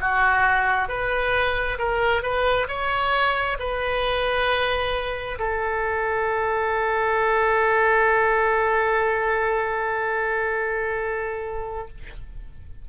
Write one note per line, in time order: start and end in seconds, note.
0.00 0.88 F#4
0.88 1.77 B4
1.78 2.22 A#4
2.22 2.67 B4
2.68 3.57 C#5
3.59 5.38 B4
5.39 11.88 A4